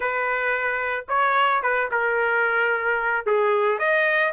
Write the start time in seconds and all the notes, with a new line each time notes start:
0.00 B4
1.08 C#5
1.62 B4
1.91 A#4
3.26 G#4
3.78 D#5